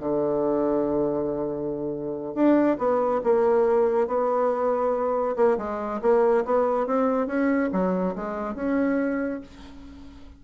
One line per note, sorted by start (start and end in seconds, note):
0.00 2.35 D3
2.35 2.77 D4
2.78 3.21 B3
3.24 4.07 A#3
4.07 5.36 B3
5.36 5.58 A#3
5.58 6.01 G#3
6.02 6.45 A#3
6.45 6.87 B3
6.87 7.27 C4
7.27 7.70 C#4
7.72 8.15 F#3
8.15 8.55 G#3
8.55 9.41 C#4